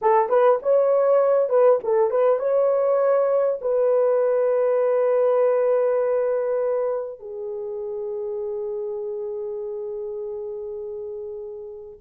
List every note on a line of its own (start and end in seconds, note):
0.01 0.29 A4
0.29 0.59 B4
0.62 1.49 C#5
1.49 1.79 B4
1.83 2.10 A4
2.10 2.39 B4
2.39 3.59 C#5
3.61 7.19 B4
7.19 11.99 G#4